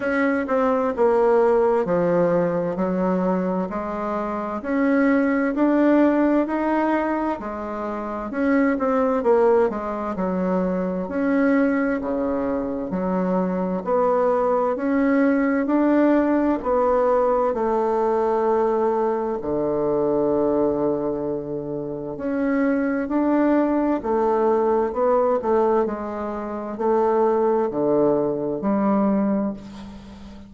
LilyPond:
\new Staff \with { instrumentName = "bassoon" } { \time 4/4 \tempo 4 = 65 cis'8 c'8 ais4 f4 fis4 | gis4 cis'4 d'4 dis'4 | gis4 cis'8 c'8 ais8 gis8 fis4 | cis'4 cis4 fis4 b4 |
cis'4 d'4 b4 a4~ | a4 d2. | cis'4 d'4 a4 b8 a8 | gis4 a4 d4 g4 | }